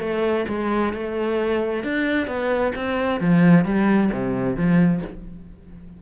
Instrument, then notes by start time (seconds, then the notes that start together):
cello
0.00 A3
0.48 G#3
0.93 A3
1.84 D4
2.27 B3
2.75 C4
3.20 F3
3.64 G3
4.12 C3
4.56 F3